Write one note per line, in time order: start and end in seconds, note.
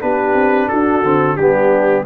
0.00 0.34 B3
0.00 1.02 D4
0.00 0.68 G4
0.00 0.68 B4
0.34 0.68 C4
0.68 1.03 D4
0.68 1.36 F#4
0.68 1.36 A4
1.03 1.37 D3
1.03 1.38 C4
1.36 2.06 G3
1.36 2.06 B3
1.36 2.04 D4
1.36 2.05 G4